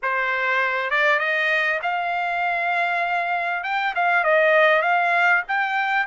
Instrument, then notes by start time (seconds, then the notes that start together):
trumpet
0.02 C5
0.90 D5
1.19 D#5
1.82 F5
3.63 G5
3.95 F5
4.24 D#5
4.82 F5
5.47 G5